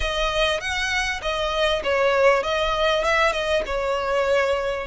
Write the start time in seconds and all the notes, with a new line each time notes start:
0.00 D#5
0.60 F#5
1.21 D#5
1.83 C#5
2.43 D#5
3.03 E5
3.32 D#5
3.65 C#5